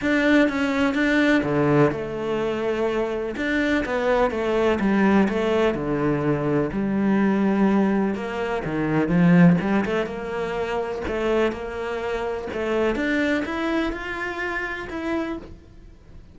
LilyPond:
\new Staff \with { instrumentName = "cello" } { \time 4/4 \tempo 4 = 125 d'4 cis'4 d'4 d4 | a2. d'4 | b4 a4 g4 a4 | d2 g2~ |
g4 ais4 dis4 f4 | g8 a8 ais2 a4 | ais2 a4 d'4 | e'4 f'2 e'4 | }